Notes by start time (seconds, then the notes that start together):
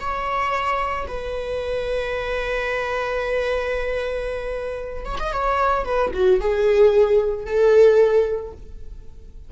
0.00 C#5
1.07 B4
5.05 C#5
5.19 D#5
5.32 C#5
5.85 B4
6.13 F#4
6.40 G#4
7.45 A4